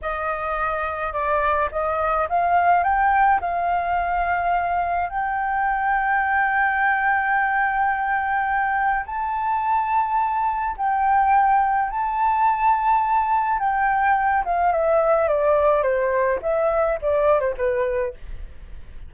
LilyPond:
\new Staff \with { instrumentName = "flute" } { \time 4/4 \tempo 4 = 106 dis''2 d''4 dis''4 | f''4 g''4 f''2~ | f''4 g''2.~ | g''1 |
a''2. g''4~ | g''4 a''2. | g''4. f''8 e''4 d''4 | c''4 e''4 d''8. c''16 b'4 | }